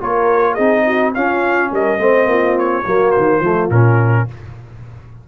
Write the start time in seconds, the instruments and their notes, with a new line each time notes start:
0.00 tuba A#3, trombone F4, horn A#4, trumpet C#5
0.54 tuba C4, trombone D#4, horn G#4, trumpet D#5
0.87 horn F#4
1.14 trombone C#4, tuba C#4, horn F4, trumpet F5
1.71 tuba G3, horn A#4, trumpet D#5
1.98 tuba A3, trombone C4, horn C5
2.25 tuba A#3, horn F4
2.58 trumpet C#5
2.86 tuba F#3, trombone A#3, horn F#4
3.11 trumpet C5
3.17 tuba D#3
3.40 tuba F3, trombone A3, horn F4
3.70 tuba A#2, trombone C#4, trumpet A#4